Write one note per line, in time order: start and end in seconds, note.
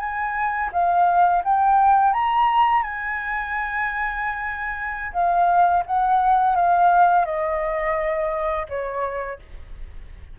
0.00 0.71 G#5
0.73 1.43 F5
1.44 2.14 G5
2.14 2.83 A#5
2.83 5.12 G#5
5.13 5.84 F5
5.87 6.56 F#5
6.56 7.25 F5
7.25 8.67 D#5
8.69 9.39 C#5